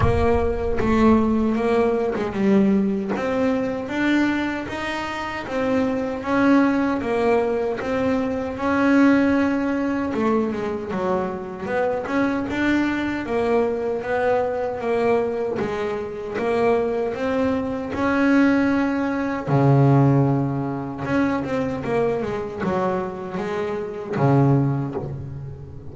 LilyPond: \new Staff \with { instrumentName = "double bass" } { \time 4/4 \tempo 4 = 77 ais4 a4 ais8. gis16 g4 | c'4 d'4 dis'4 c'4 | cis'4 ais4 c'4 cis'4~ | cis'4 a8 gis8 fis4 b8 cis'8 |
d'4 ais4 b4 ais4 | gis4 ais4 c'4 cis'4~ | cis'4 cis2 cis'8 c'8 | ais8 gis8 fis4 gis4 cis4 | }